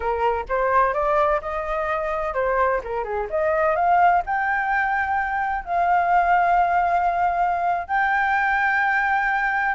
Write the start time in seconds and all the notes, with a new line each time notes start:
0.00 A#4
0.48 C5
0.93 D5
1.41 D#5
2.34 C5
2.83 A#4
3.03 G#4
3.30 D#5
3.75 F5
4.25 G5
5.65 F5
7.87 G5